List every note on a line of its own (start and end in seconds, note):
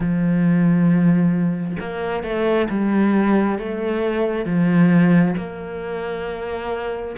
0.00 1.77 F3
1.80 2.23 A#3
2.23 2.68 A3
2.69 3.59 G3
3.59 4.45 A3
4.45 5.34 F3
5.36 7.16 A#3